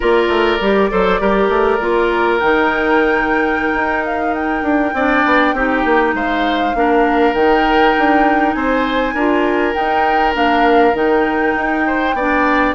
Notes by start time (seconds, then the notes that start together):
0.00 A#3 F4 A#4 D5
0.28 A3
0.60 G3 G4
0.90 F#3 A4 C5
1.20 G3 G4 A#4
1.48 A3
1.80 A#3 F4
2.39 D#3 D#4 G5
3.73 D#4
4.04 F5
4.34 G5
4.62 D4
4.93 C4 D4 D5
5.25 B3
5.53 C4 D#4 G4
5.84 A#3
6.13 G#3 C5 F5
6.74 A#3 D4 A#4
7.33 D#3 D#4 G5
7.98 D4
8.53 C4 C5 G#5
9.14 D4 F4 A#4
9.73 D#4 G5
10.33 A#3 D4 F5
10.93 D#3 D#4 G5
11.55 D#4
11.86 C5
12.13 B3 D4 D5